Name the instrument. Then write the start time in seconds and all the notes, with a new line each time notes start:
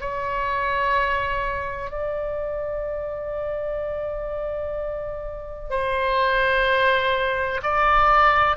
oboe
0.00 C#5
1.90 D5
5.70 C5
7.62 D5